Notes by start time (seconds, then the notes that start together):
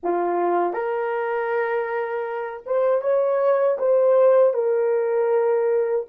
0.03 F4
0.73 A#4
2.65 C5
3.01 C#5
3.78 C5
4.53 A#4